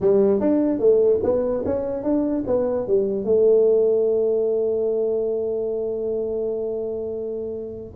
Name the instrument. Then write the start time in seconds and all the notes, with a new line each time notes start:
tuba
0.00 G3
0.40 D4
0.79 A3
1.23 B3
1.65 C#4
2.03 D4
2.47 B3
2.87 G3
3.24 A3